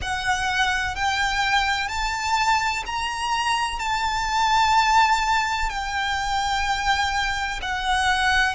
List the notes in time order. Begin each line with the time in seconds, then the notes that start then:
0.01 F#5
0.95 G5
1.88 A5
2.86 A#5
3.79 A5
5.69 G5
7.61 F#5